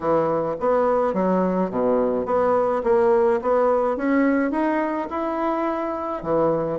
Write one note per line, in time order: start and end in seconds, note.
0.00 0.55 E3
0.60 1.13 B3
1.13 1.70 F#3
1.70 2.25 B2
2.25 2.82 B3
2.83 3.40 A#3
3.41 3.96 B3
3.96 4.51 C#4
4.51 5.08 D#4
5.09 6.22 E4
6.22 6.79 E3